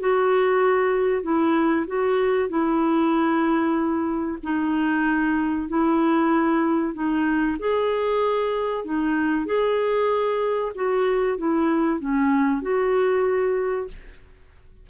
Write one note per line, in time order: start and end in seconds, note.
0.00 1.23 F#4
1.23 1.86 E4
1.87 2.49 F#4
2.49 4.38 E4
4.43 5.69 D#4
5.69 6.94 E4
6.94 7.57 D#4
7.59 8.85 G#4
8.85 9.46 D#4
9.46 10.72 G#4
10.75 11.38 F#4
11.38 12.00 E4
12.00 12.62 C#4
12.62 13.88 F#4